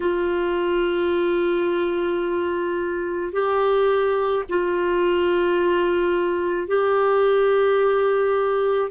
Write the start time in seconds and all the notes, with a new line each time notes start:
0.00 F4
3.32 G4
4.48 F4
6.67 G4